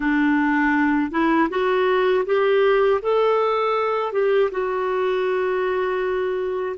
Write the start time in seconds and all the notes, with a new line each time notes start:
0.00 D4
1.11 E4
1.49 F#4
2.25 G4
3.02 A4
4.12 G4
4.51 F#4